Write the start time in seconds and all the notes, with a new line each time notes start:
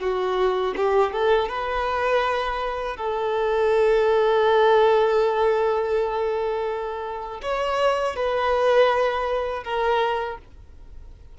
0.00 F#4
0.76 G4
1.12 A4
1.49 B4
2.97 A4
7.42 C#5
8.15 B4
9.64 A#4